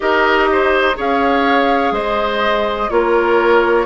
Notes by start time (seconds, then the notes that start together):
0.00 D#4 G4 A#4 D#5
0.51 C5
0.95 C#4 G#4 C#5 F5
1.91 G#3 C5 D#5
2.89 A#3 F4 A#4 C#5